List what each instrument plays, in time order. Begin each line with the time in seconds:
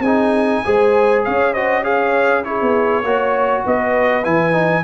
0.00 tuba C4, trombone D#4, horn G#4, trumpet G#5
0.65 tuba G#3, trombone G#4, horn C5
1.25 tuba C#4, horn C#5, trumpet F5
1.53 trombone F#4, horn C5, trumpet D#5
1.84 trombone G#4, horn C#5, trumpet F5
2.44 trombone E4, horn G#4, trumpet C#5
2.62 tuba B3
3.04 tuba A#3, trombone F#4, horn C#5
3.65 tuba B3, horn B4, trumpet D#5
4.23 tuba E3, trombone E4, trumpet G#5
4.53 trombone D#4